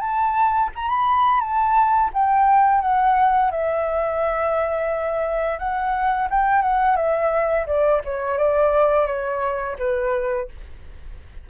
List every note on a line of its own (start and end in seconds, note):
0.00 0.70 A5
0.75 0.88 A#5
0.88 1.40 B5
1.40 2.10 A5
2.13 2.81 G5
2.81 3.51 F#5
3.51 5.58 E5
5.58 6.28 F#5
6.30 6.62 G5
6.62 6.96 F#5
6.96 7.66 E5
7.66 8.01 D5
8.04 8.38 C#5
8.38 9.07 D5
9.07 9.76 C#5
9.78 10.48 B4